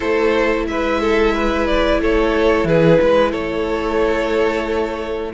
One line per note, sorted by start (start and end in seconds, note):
0.00 0.67 A3
0.00 5.33 E4
0.00 0.66 A4
0.00 0.66 C5
0.67 1.98 G#3
0.67 1.00 B4
0.67 1.67 E5
1.00 1.34 A4
1.34 2.00 B4
1.67 2.00 D5
1.98 2.64 A3
1.98 2.67 A4
1.98 2.67 C#5
2.64 2.97 E3
2.64 3.00 G#4
2.64 3.32 B4
3.01 3.33 G#3
3.01 3.31 B4
3.31 5.33 A3
3.31 5.31 A4
3.31 5.32 C#5